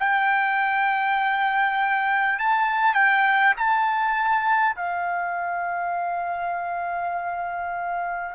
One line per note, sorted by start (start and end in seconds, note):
0.00 2.39 G5
2.39 2.95 A5
2.95 3.55 G5
3.57 4.76 A5
4.76 8.35 F5